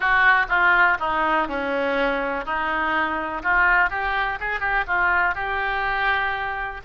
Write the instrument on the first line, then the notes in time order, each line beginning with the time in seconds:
oboe
0.00 F#4
0.49 F4
0.99 D#4
1.48 C#4
2.45 D#4
3.42 F4
3.90 G4
4.39 G#4
4.60 G4
4.87 F4
5.34 G4